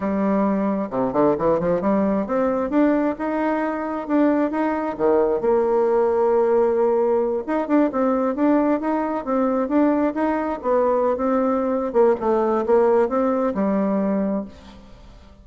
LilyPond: \new Staff \with { instrumentName = "bassoon" } { \time 4/4 \tempo 4 = 133 g2 c8 d8 e8 f8 | g4 c'4 d'4 dis'4~ | dis'4 d'4 dis'4 dis4 | ais1~ |
ais8 dis'8 d'8 c'4 d'4 dis'8~ | dis'8 c'4 d'4 dis'4 b8~ | b8. c'4.~ c'16 ais8 a4 | ais4 c'4 g2 | }